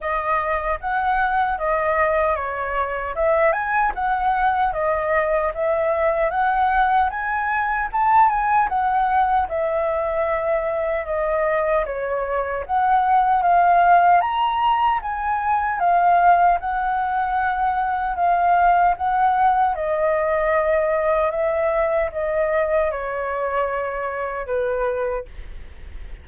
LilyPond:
\new Staff \with { instrumentName = "flute" } { \time 4/4 \tempo 4 = 76 dis''4 fis''4 dis''4 cis''4 | e''8 gis''8 fis''4 dis''4 e''4 | fis''4 gis''4 a''8 gis''8 fis''4 | e''2 dis''4 cis''4 |
fis''4 f''4 ais''4 gis''4 | f''4 fis''2 f''4 | fis''4 dis''2 e''4 | dis''4 cis''2 b'4 | }